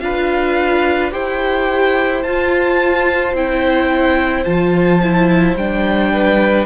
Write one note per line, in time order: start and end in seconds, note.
0.00 1.13 D4
0.00 1.12 F4
0.00 1.12 B4
0.00 1.11 F5
1.12 2.25 E4
1.12 2.23 G4
1.12 6.12 C5
1.12 2.23 G5
2.23 3.34 F4
2.23 3.36 F4
2.23 3.34 A5
3.34 4.45 C4
3.34 4.46 E4
3.34 4.44 G5
4.44 5.55 F3
4.44 5.02 F4
4.44 5.56 A5
5.03 5.59 E4
5.55 6.66 G3
5.55 6.66 D4
5.55 6.66 G5
6.13 6.66 B4